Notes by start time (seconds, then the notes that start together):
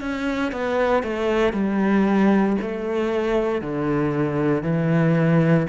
0.00 C#4
0.52 B3
1.03 A3
1.53 G3
2.61 A3
3.62 D3
4.63 E3